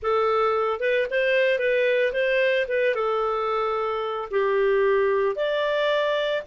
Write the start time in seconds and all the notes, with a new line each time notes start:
0.02 A4
0.80 B4
1.10 C5
1.58 B4
2.12 C5
2.68 B4
2.94 A4
4.30 G4
5.35 D5